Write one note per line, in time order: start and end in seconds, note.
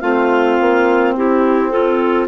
0.00 0.59 A3
0.00 2.28 C4
0.00 1.14 F4
0.00 1.13 F5
0.61 1.16 A#3
1.16 2.29 C4
1.16 1.72 E4
1.16 1.70 G4
1.70 2.29 F4
1.70 2.26 A4